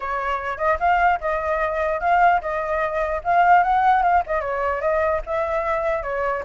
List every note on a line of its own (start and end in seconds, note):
0.00 0.57 C#5
0.57 0.77 D#5
0.79 1.19 F5
1.20 2.00 D#5
2.00 2.41 F5
2.41 3.21 D#5
3.24 3.63 F5
3.63 4.03 F#5
4.03 4.23 F5
4.26 4.40 D#5
4.40 4.81 C#5
4.81 5.21 D#5
5.26 6.03 E5
6.03 6.43 C#5